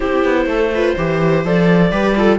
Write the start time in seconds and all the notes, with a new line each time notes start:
0.00 C4 E4 G4 C5
0.24 B3
0.46 A3 A4
0.74 F4 B4
0.95 E3 G4 C5
1.44 F3 A4 D5
1.90 G3 G4 B4
2.15 F4 A4